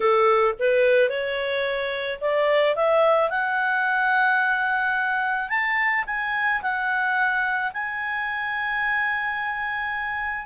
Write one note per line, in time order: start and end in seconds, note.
0.00 0.54 A4
0.59 1.09 B4
1.09 2.19 C#5
2.20 2.75 D5
2.75 3.30 E5
3.30 5.49 F#5
5.49 6.04 A5
6.06 6.61 G#5
6.62 7.72 F#5
7.73 10.46 G#5